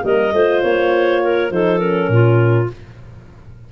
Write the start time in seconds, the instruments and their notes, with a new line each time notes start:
0.00 tuba G3, horn A#3, clarinet A#4 D#5
0.33 tuba A3, horn F4, clarinet C5
0.62 tuba A#3, clarinet C#5
1.23 clarinet A#4
1.50 tuba F3, horn D#4, clarinet A4 C5
1.79 horn C#4, clarinet A#4
2.08 tuba A#2, clarinet F4